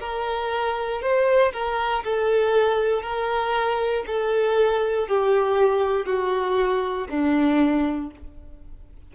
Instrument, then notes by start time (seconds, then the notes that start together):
violin
0.00 A#4
1.02 C5
1.53 A#4
2.04 A4
3.02 A#4
4.07 A4
5.08 G4
6.06 F#4
7.09 D4